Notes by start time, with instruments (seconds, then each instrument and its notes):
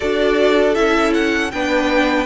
0.00 cello D4, viola F#4, violin A4 D5
0.75 cello C#4, viola E4, violin E5
1.14 violin F#5
1.51 cello B3, viola D4, violin B4 G5